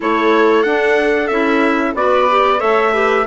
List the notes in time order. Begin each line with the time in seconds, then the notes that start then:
0.00 A3 E4 A4 C#5
0.62 D4 F#5
1.27 C#4 E4 E5
1.94 B3 F#4 B4 D5
2.29 G4
2.58 A3 A4 C#5 E5
2.92 G4 B4